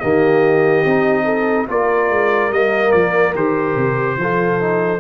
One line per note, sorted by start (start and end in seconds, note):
0.00 0.85 D#3
0.00 0.86 A#3
0.00 1.25 G4
0.00 1.67 D#5
0.85 1.69 C4
0.85 1.69 D#4
1.25 1.67 A4
1.69 2.10 A#3
1.69 2.52 F4
1.69 4.19 A#4
1.69 2.53 D5
2.10 2.51 G#3
2.51 2.92 G3
2.51 3.35 A#3
2.51 2.92 D#5
2.92 3.35 F3
2.92 3.33 D5
3.35 3.76 D#3
3.35 4.19 G4
3.35 5.00 C5
3.77 4.18 C3
4.18 5.00 F3
4.18 4.61 F4
4.18 5.00 A4
4.61 5.00 D#4